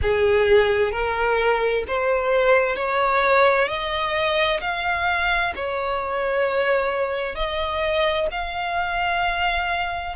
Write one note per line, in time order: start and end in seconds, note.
0.02 0.91 G#4
0.91 1.83 A#4
1.87 2.76 C5
2.76 3.68 C#5
3.68 4.60 D#5
4.61 5.53 F5
5.56 7.35 C#5
7.35 8.27 D#5
8.31 10.15 F5